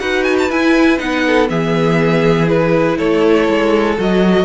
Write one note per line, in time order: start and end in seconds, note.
0.00 0.50 D#4
0.00 0.50 F#4
0.00 1.25 B4
0.00 0.24 F#5
0.24 0.36 G#5
0.39 0.51 A5
0.50 1.00 E4
0.50 0.98 E4
0.50 0.99 G#5
0.98 1.50 B3
0.98 1.48 D#4
0.98 1.48 F#5
1.27 1.51 A4
1.49 2.99 E3
1.49 2.47 B3
1.49 2.98 G#4
1.49 2.48 E5
2.47 3.96 E4
2.47 2.98 B4
2.98 3.49 A3
2.98 4.45 A4
2.98 3.97 C#5
3.49 3.98 G#3
3.98 4.45 F#3
3.98 4.45 F#4
3.98 4.45 D#5